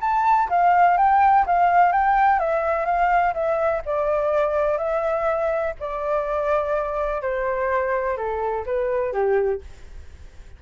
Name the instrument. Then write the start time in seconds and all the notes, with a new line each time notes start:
flute
0.00 A5
0.49 F5
0.97 G5
1.46 F5
1.92 G5
2.39 E5
2.85 F5
3.33 E5
3.85 D5
4.78 E5
5.79 D5
7.22 C5
8.17 A4
8.65 B4
9.12 G4